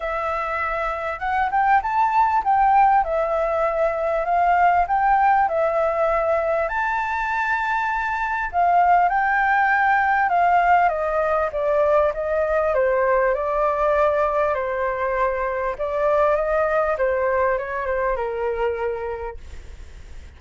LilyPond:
\new Staff \with { instrumentName = "flute" } { \time 4/4 \tempo 4 = 99 e''2 fis''8 g''8 a''4 | g''4 e''2 f''4 | g''4 e''2 a''4~ | a''2 f''4 g''4~ |
g''4 f''4 dis''4 d''4 | dis''4 c''4 d''2 | c''2 d''4 dis''4 | c''4 cis''8 c''8 ais'2 | }